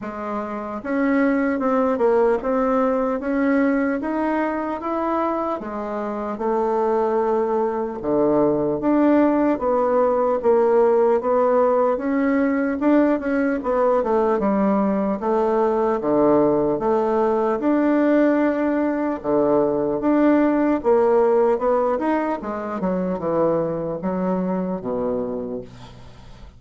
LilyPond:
\new Staff \with { instrumentName = "bassoon" } { \time 4/4 \tempo 4 = 75 gis4 cis'4 c'8 ais8 c'4 | cis'4 dis'4 e'4 gis4 | a2 d4 d'4 | b4 ais4 b4 cis'4 |
d'8 cis'8 b8 a8 g4 a4 | d4 a4 d'2 | d4 d'4 ais4 b8 dis'8 | gis8 fis8 e4 fis4 b,4 | }